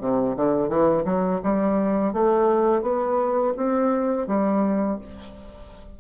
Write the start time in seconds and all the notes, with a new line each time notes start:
0.00 C3
0.36 D3
0.69 E3
1.05 F#3
1.43 G3
2.13 A3
2.82 B3
3.56 C4
4.27 G3